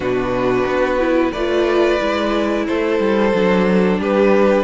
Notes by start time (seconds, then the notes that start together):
0.00 B2 D4 F#4 B4
0.65 B3
0.99 E4
1.31 A3 B4 D5
1.37 F4
1.99 G#3 E4
2.66 A3 A4 C5
2.99 G3
3.34 F#3 D4
3.98 G3 G4 B4